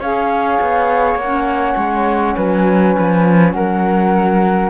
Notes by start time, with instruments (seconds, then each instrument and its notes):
0.00 cello C#4, saxophone G#4, flute C#5 F5
0.61 cello B3
1.15 cello A#3, saxophone C#4, flute F#5
1.77 cello G#3
2.36 cello F#3, flute B4 G#5
2.99 cello F3
3.53 cello F#3, flute A#4 F#5